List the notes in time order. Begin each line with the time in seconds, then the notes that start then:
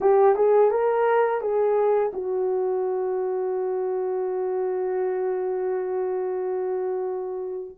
0.00 G4
0.35 G#4
0.71 A#4
1.41 G#4
2.13 F#4